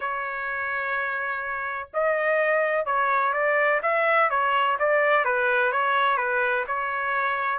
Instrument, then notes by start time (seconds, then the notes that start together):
trumpet
0.00 C#5
1.93 D#5
2.85 C#5
3.33 D5
3.82 E5
4.30 C#5
4.79 D5
5.24 B4
5.71 C#5
6.17 B4
6.67 C#5